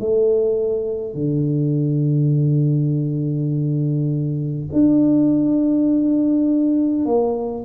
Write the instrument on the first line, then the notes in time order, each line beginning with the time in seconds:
tuba
0.00 A3
1.14 D3
4.73 D4
7.06 A#3